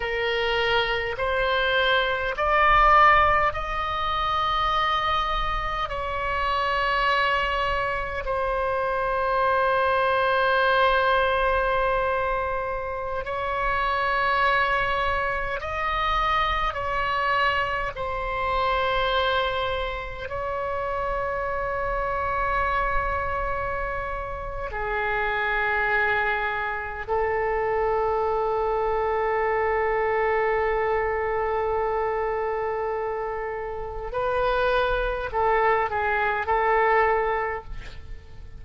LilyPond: \new Staff \with { instrumentName = "oboe" } { \time 4/4 \tempo 4 = 51 ais'4 c''4 d''4 dis''4~ | dis''4 cis''2 c''4~ | c''2.~ c''16 cis''8.~ | cis''4~ cis''16 dis''4 cis''4 c''8.~ |
c''4~ c''16 cis''2~ cis''8.~ | cis''4 gis'2 a'4~ | a'1~ | a'4 b'4 a'8 gis'8 a'4 | }